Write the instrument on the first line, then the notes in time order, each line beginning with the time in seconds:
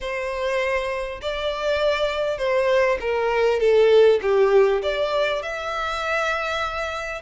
violin
0.01 C5
1.21 D5
2.38 C5
3.00 A#4
3.59 A4
4.22 G4
4.82 D5
5.42 E5